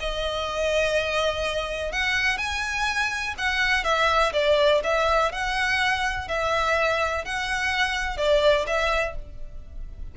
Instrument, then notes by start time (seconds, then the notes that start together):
violin
0.00 D#5
1.92 F#5
2.38 G#5
3.38 F#5
3.84 E5
4.33 D5
4.84 E5
5.32 F#5
6.28 E5
7.25 F#5
8.18 D5
8.67 E5